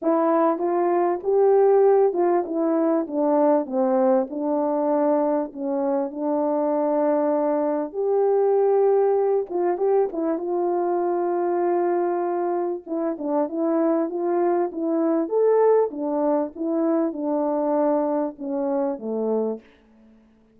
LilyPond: \new Staff \with { instrumentName = "horn" } { \time 4/4 \tempo 4 = 98 e'4 f'4 g'4. f'8 | e'4 d'4 c'4 d'4~ | d'4 cis'4 d'2~ | d'4 g'2~ g'8 f'8 |
g'8 e'8 f'2.~ | f'4 e'8 d'8 e'4 f'4 | e'4 a'4 d'4 e'4 | d'2 cis'4 a4 | }